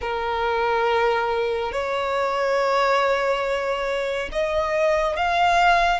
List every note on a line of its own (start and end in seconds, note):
0.01 1.71 A#4
1.71 4.29 C#5
4.31 5.16 D#5
5.16 6.00 F5